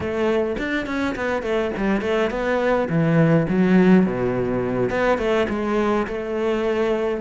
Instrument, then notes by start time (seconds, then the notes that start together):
cello
0.00 A3
0.58 D4
0.86 C#4
1.15 B3
1.42 A3
1.76 G3
2.01 A3
2.30 B3
2.89 E3
3.48 F#3
4.06 B2
4.90 B3
5.18 A3
5.49 G#3
6.07 A3